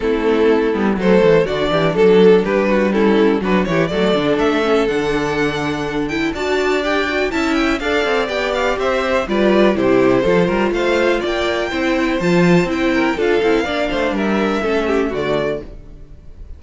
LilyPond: <<
  \new Staff \with { instrumentName = "violin" } { \time 4/4 \tempo 4 = 123 a'2 c''4 d''4 | a'4 b'4 a'4 b'8 cis''8 | d''4 e''4 fis''2~ | fis''8 g''8 a''4 g''4 a''8 g''8 |
f''4 g''8 f''8 e''4 d''4 | c''2 f''4 g''4~ | g''4 a''4 g''4 f''4~ | f''4 e''2 d''4 | }
  \new Staff \with { instrumentName = "violin" } { \time 4/4 e'2 a'4 fis'8 g'8 | a'4 g'8 fis'8 e'4 fis'8 g'8 | a'1~ | a'4 d''2 e''4 |
d''2 c''4 b'4 | g'4 a'8 ais'8 c''4 d''4 | c''2~ c''8 ais'8 a'4 | d''8 c''8 ais'4 a'8 g'8 fis'4 | }
  \new Staff \with { instrumentName = "viola" } { \time 4/4 c'4. b8 a4 d'4~ | d'2 cis'4 d'8 e'8 | a8 d'4 cis'8 d'2~ | d'8 e'8 fis'4 g'8 fis'8 e'4 |
a'4 g'2 f'4 | e'4 f'2. | e'4 f'4 e'4 f'8 e'8 | d'2 cis'4 a4 | }
  \new Staff \with { instrumentName = "cello" } { \time 4/4 a4. g8 fis8 e8 d8 e8 | fis4 g2 fis8 e8 | fis8 d8 a4 d2~ | d4 d'2 cis'4 |
d'8 c'8 b4 c'4 g4 | c4 f8 g8 a4 ais4 | c'4 f4 c'4 d'8 c'8 | ais8 a8 g4 a4 d4 | }
>>